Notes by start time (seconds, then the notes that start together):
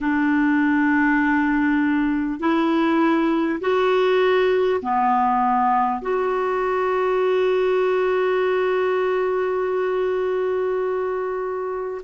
0.01 D4
2.39 E4
3.60 F#4
4.81 B3
6.01 F#4